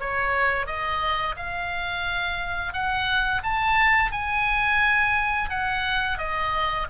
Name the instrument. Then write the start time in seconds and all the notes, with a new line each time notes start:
oboe
0.00 C#5
0.66 D#5
1.37 F5
2.73 F#5
3.43 A5
4.12 G#5
5.50 F#5
6.18 D#5